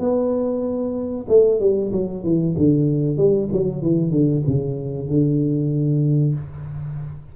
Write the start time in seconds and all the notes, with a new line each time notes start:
0.00 B3
1.29 A3
1.60 G3
1.92 F#3
2.24 E3
2.58 D3
3.17 G3
3.52 F#3
3.82 E3
4.11 D3
4.47 C#3
5.09 D3